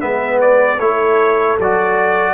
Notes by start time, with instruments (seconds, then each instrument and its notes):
0.00 tuba G#3, trombone B3, horn B4, trumpet E5
0.41 trumpet D5
0.79 tuba A3, trombone E4, horn A4, trumpet C#5
1.59 tuba F#3, trombone F#4, trumpet D5